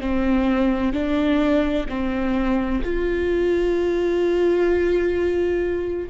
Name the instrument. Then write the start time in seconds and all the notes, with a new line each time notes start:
viola
0.00 C4
0.92 D4
1.89 C4
2.84 F4